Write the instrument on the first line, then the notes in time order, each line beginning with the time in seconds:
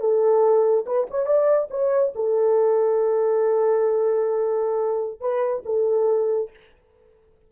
horn
0.00 A4
0.86 B4
1.10 C#5
1.26 D5
1.70 C#5
2.15 A4
5.20 B4
5.65 A4